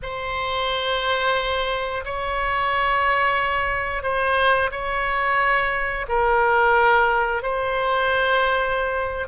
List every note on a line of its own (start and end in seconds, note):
0.02 2.04 C5
2.04 4.03 C#5
4.03 4.70 C5
4.71 6.06 C#5
6.08 7.42 A#4
7.42 9.27 C5